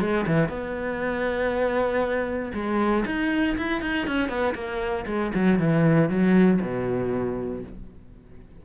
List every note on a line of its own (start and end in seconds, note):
0.00 0.25 G#3
0.27 0.49 E3
0.49 2.52 B3
2.54 3.05 G#3
3.06 3.56 D#4
3.57 3.81 E4
3.81 4.07 D#4
4.07 4.29 C#4
4.29 4.54 B3
4.55 5.05 A#3
5.06 5.32 G#3
5.35 5.59 F#3
5.59 6.09 E3
6.09 6.60 F#3
6.61 7.63 B2